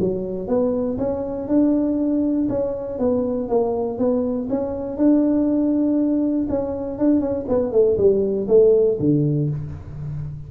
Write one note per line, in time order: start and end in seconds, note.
0.00 0.48 F#3
0.48 0.98 B3
0.98 1.48 C#4
1.48 2.48 D4
2.50 2.99 C#4
2.99 3.49 B3
3.49 3.99 A#3
3.99 4.49 B3
4.50 4.98 C#4
4.98 6.47 D4
6.50 6.99 C#4
6.99 7.21 D4
7.21 7.46 C#4
7.49 7.72 B3
7.72 7.97 A3
7.98 8.48 G3
8.49 8.99 A3
9.00 9.50 D3